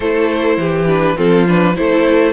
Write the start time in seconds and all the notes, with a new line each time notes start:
0.00 A3 E4 A4 C5
0.57 E3 G4
0.86 D4 B4
1.16 F3 C4 F4 A4
1.48 D4 B4
1.75 A3 E4 A4 C5